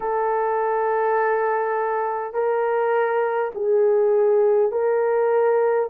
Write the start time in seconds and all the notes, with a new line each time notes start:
0.00 A4
2.33 A#4
3.55 G#4
4.71 A#4